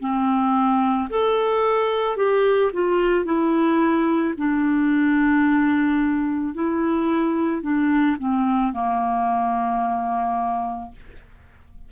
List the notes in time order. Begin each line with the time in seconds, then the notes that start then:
0.00 C4
1.10 A4
2.17 G4
2.73 F4
3.25 E4
4.37 D4
6.54 E4
7.62 D4
8.19 C4
8.73 A#3